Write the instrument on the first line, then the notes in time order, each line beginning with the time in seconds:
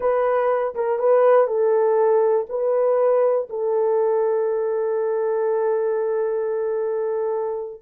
horn
0.00 B4
0.75 A#4
0.98 B4
1.47 A4
2.49 B4
3.49 A4